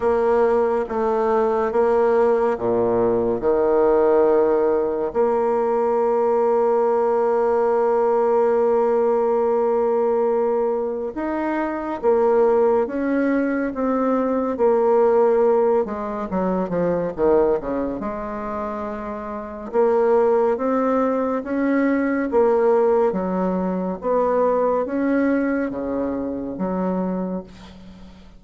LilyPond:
\new Staff \with { instrumentName = "bassoon" } { \time 4/4 \tempo 4 = 70 ais4 a4 ais4 ais,4 | dis2 ais2~ | ais1~ | ais4 dis'4 ais4 cis'4 |
c'4 ais4. gis8 fis8 f8 | dis8 cis8 gis2 ais4 | c'4 cis'4 ais4 fis4 | b4 cis'4 cis4 fis4 | }